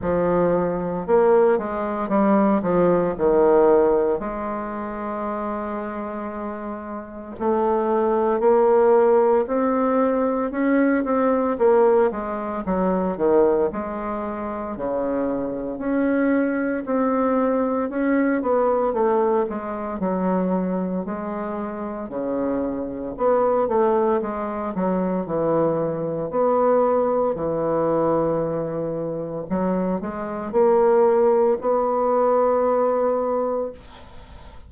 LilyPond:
\new Staff \with { instrumentName = "bassoon" } { \time 4/4 \tempo 4 = 57 f4 ais8 gis8 g8 f8 dis4 | gis2. a4 | ais4 c'4 cis'8 c'8 ais8 gis8 | fis8 dis8 gis4 cis4 cis'4 |
c'4 cis'8 b8 a8 gis8 fis4 | gis4 cis4 b8 a8 gis8 fis8 | e4 b4 e2 | fis8 gis8 ais4 b2 | }